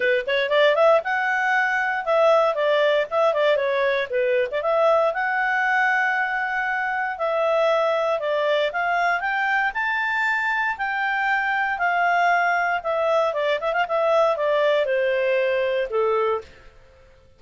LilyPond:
\new Staff \with { instrumentName = "clarinet" } { \time 4/4 \tempo 4 = 117 b'8 cis''8 d''8 e''8 fis''2 | e''4 d''4 e''8 d''8 cis''4 | b'8. d''16 e''4 fis''2~ | fis''2 e''2 |
d''4 f''4 g''4 a''4~ | a''4 g''2 f''4~ | f''4 e''4 d''8 e''16 f''16 e''4 | d''4 c''2 a'4 | }